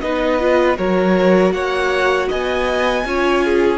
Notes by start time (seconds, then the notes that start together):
0.00 B3 D#4 B4 D#5
0.40 F4
0.76 F#3 F#4 A#4 C#5
1.51 A#3 C#5 F#5
2.28 B3 D#5 G#5
3.04 C#4 F4 C#5
3.44 G#4